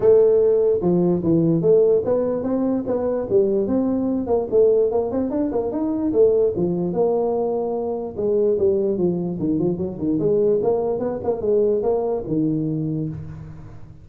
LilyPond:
\new Staff \with { instrumentName = "tuba" } { \time 4/4 \tempo 4 = 147 a2 f4 e4 | a4 b4 c'4 b4 | g4 c'4. ais8 a4 | ais8 c'8 d'8 ais8 dis'4 a4 |
f4 ais2. | gis4 g4 f4 dis8 f8 | fis8 dis8 gis4 ais4 b8 ais8 | gis4 ais4 dis2 | }